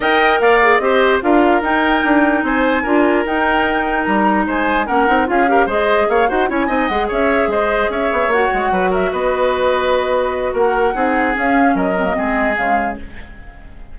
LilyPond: <<
  \new Staff \with { instrumentName = "flute" } { \time 4/4 \tempo 4 = 148 g''4 f''4 dis''4 f''4 | g''2 gis''2 | g''2 ais''4 gis''4 | fis''4 f''4 dis''4 f''8 fis''8 |
gis''4 fis''8 e''4 dis''4 e''8~ | e''8 fis''4. e''8 dis''4.~ | dis''2 fis''2 | f''4 dis''2 f''4 | }
  \new Staff \with { instrumentName = "oboe" } { \time 4/4 dis''4 d''4 c''4 ais'4~ | ais'2 c''4 ais'4~ | ais'2. c''4 | ais'4 gis'8 ais'8 c''4 cis''8 c''8 |
cis''8 dis''4 cis''4 c''4 cis''8~ | cis''4. b'8 ais'8 b'4.~ | b'2 ais'4 gis'4~ | gis'4 ais'4 gis'2 | }
  \new Staff \with { instrumentName = "clarinet" } { \time 4/4 ais'4. gis'8 g'4 f'4 | dis'2. f'4 | dis'1 | cis'8 dis'8 f'8 g'8 gis'4. fis'8 |
e'8 dis'8 gis'2.~ | gis'8 fis'2.~ fis'8~ | fis'2. dis'4 | cis'4. c'16 ais16 c'4 gis4 | }
  \new Staff \with { instrumentName = "bassoon" } { \time 4/4 dis'4 ais4 c'4 d'4 | dis'4 d'4 c'4 d'4 | dis'2 g4 gis4 | ais8 c'8 cis'4 gis4 ais8 dis'8 |
cis'8 c'8 gis8 cis'4 gis4 cis'8 | b8 ais8 gis8 fis4 b4.~ | b2 ais4 c'4 | cis'4 fis4 gis4 cis4 | }
>>